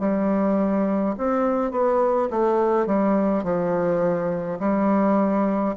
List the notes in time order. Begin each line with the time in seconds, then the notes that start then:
0.00 G3
1.19 C4
1.72 B3
2.31 A3
2.87 G3
3.44 F3
4.60 G3